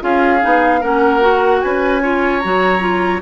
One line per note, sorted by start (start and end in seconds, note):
0.00 0.42 C#4
0.00 0.40 F4
0.00 0.80 G#4
0.00 0.82 F5
0.41 0.82 B3
0.41 0.81 D#4
0.80 1.62 A#3
0.80 1.20 C#4
0.80 1.60 A#4
0.80 1.61 F#5
1.20 2.00 F#4
1.61 2.44 C#4
1.61 2.02 B4
1.61 2.39 G#5
2.02 2.42 F4
2.02 3.22 C#5
2.39 3.22 F#3
2.39 2.79 F#4
2.39 3.19 A#5
2.79 3.19 F4